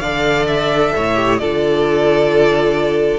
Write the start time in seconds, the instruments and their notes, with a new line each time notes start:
0.00 cello D3, viola A4, violin D5 F5
0.47 violin E5
0.96 cello A2, violin C#5
1.16 viola G4
1.38 cello D3, viola F4, violin A4 D5